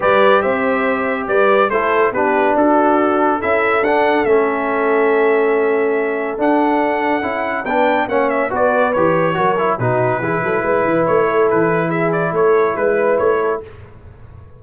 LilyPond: <<
  \new Staff \with { instrumentName = "trumpet" } { \time 4/4 \tempo 4 = 141 d''4 e''2 d''4 | c''4 b'4 a'2 | e''4 fis''4 e''2~ | e''2. fis''4~ |
fis''2 g''4 fis''8 e''8 | d''4 cis''2 b'4~ | b'2 cis''4 b'4 | e''8 d''8 cis''4 b'4 cis''4 | }
  \new Staff \with { instrumentName = "horn" } { \time 4/4 b'4 c''2 b'4 | a'4 g'4 fis'2 | a'1~ | a'1~ |
a'2 b'4 cis''4 | b'2 ais'4 fis'4 | gis'8 a'8 b'4. a'4. | gis'4 a'4 b'4. a'8 | }
  \new Staff \with { instrumentName = "trombone" } { \time 4/4 g'1 | e'4 d'2. | e'4 d'4 cis'2~ | cis'2. d'4~ |
d'4 e'4 d'4 cis'4 | fis'4 g'4 fis'8 e'8 dis'4 | e'1~ | e'1 | }
  \new Staff \with { instrumentName = "tuba" } { \time 4/4 g4 c'2 g4 | a4 b4 d'2 | cis'4 d'4 a2~ | a2. d'4~ |
d'4 cis'4 b4 ais4 | b4 e4 fis4 b,4 | e8 fis8 gis8 e8 a4 e4~ | e4 a4 gis4 a4 | }
>>